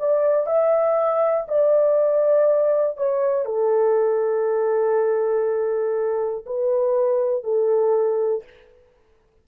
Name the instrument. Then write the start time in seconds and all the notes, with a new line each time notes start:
horn
0.00 D5
0.47 E5
1.48 D5
2.97 C#5
3.45 A4
6.46 B4
7.44 A4